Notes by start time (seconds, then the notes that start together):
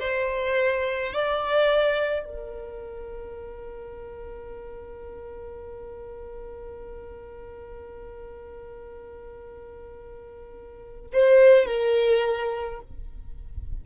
0.00 C5
1.13 D5
2.25 A#4
11.13 C5
11.66 A#4